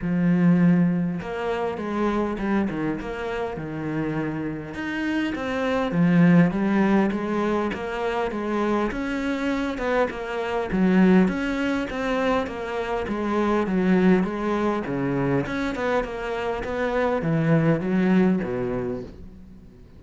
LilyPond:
\new Staff \with { instrumentName = "cello" } { \time 4/4 \tempo 4 = 101 f2 ais4 gis4 | g8 dis8 ais4 dis2 | dis'4 c'4 f4 g4 | gis4 ais4 gis4 cis'4~ |
cis'8 b8 ais4 fis4 cis'4 | c'4 ais4 gis4 fis4 | gis4 cis4 cis'8 b8 ais4 | b4 e4 fis4 b,4 | }